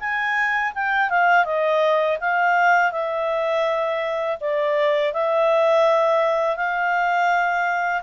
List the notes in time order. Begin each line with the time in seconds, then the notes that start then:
0.00 G#5
0.75 G5
1.10 F5
1.45 D#5
2.21 F5
2.92 E5
4.41 D5
5.14 E5
6.57 F5